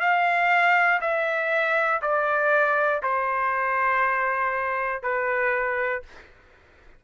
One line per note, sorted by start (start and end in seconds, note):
0.00 1.00 F5
1.00 2.00 E5
2.01 3.01 D5
3.02 5.02 C5
5.02 6.02 B4